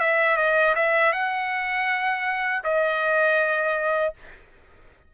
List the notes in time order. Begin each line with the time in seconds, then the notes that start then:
0.00 E5
0.37 D#5
0.75 E5
1.13 F#5
2.64 D#5